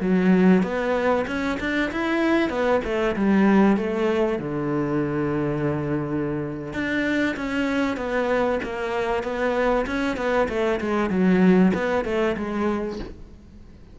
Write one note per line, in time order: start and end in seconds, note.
0.00 0.62 F#3
0.62 1.25 B3
1.27 1.58 C#4
1.59 1.91 D4
1.91 2.49 E4
2.49 2.80 B3
2.84 3.15 A3
3.16 3.76 G3
3.76 4.38 A3
4.38 6.73 D3
6.73 7.35 D4
7.36 7.97 C#4
7.97 8.59 B3
8.63 9.23 A#3
9.23 9.85 B3
9.86 10.16 C#4
10.16 10.48 B3
10.48 10.80 A3
10.80 11.09 G#3
11.09 11.72 F#3
11.74 12.05 B3
12.05 12.36 A3
12.36 12.99 G#3